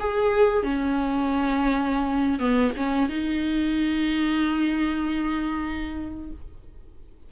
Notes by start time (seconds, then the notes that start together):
0.00 G#4
0.63 C#4
2.39 B3
2.77 C#4
3.09 D#4